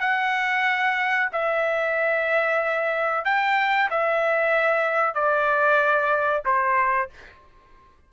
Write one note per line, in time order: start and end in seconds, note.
0.00 1.29 F#5
1.32 3.25 E5
3.25 3.89 G5
3.90 5.14 E5
5.14 6.43 D5
6.45 7.09 C5